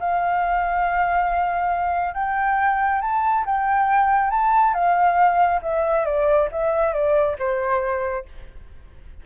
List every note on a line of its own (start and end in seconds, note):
0.00 2.14 F5
2.14 3.01 G5
3.02 3.45 A5
3.46 4.31 G5
4.31 4.74 A5
4.74 5.61 F5
5.62 6.06 E5
6.06 6.49 D5
6.52 6.93 E5
6.93 7.37 D5
7.39 8.26 C5